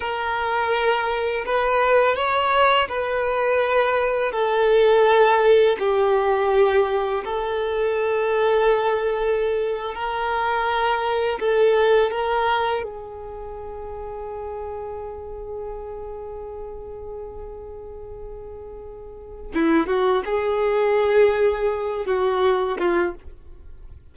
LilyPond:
\new Staff \with { instrumentName = "violin" } { \time 4/4 \tempo 4 = 83 ais'2 b'4 cis''4 | b'2 a'2 | g'2 a'2~ | a'4.~ a'16 ais'2 a'16~ |
a'8. ais'4 gis'2~ gis'16~ | gis'1~ | gis'2. e'8 fis'8 | gis'2~ gis'8 fis'4 f'8 | }